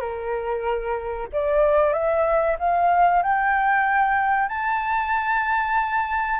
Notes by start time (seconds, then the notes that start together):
0.00 A#4
1.32 D5
1.93 E5
2.59 F5
3.22 G5
4.49 A5